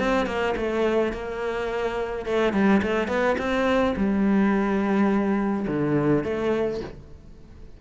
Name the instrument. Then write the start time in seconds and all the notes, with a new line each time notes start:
cello
0.00 C4
0.27 A#3
0.57 A3
1.13 A#3
2.26 A3
2.53 G3
2.83 A3
3.08 B3
3.39 C4
3.97 G3
5.68 D3
6.24 A3